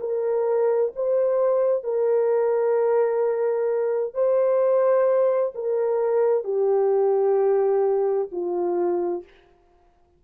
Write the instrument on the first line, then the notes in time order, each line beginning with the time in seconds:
horn
0.00 A#4
0.96 C5
1.84 A#4
4.14 C5
5.55 A#4
6.44 G4
8.32 F4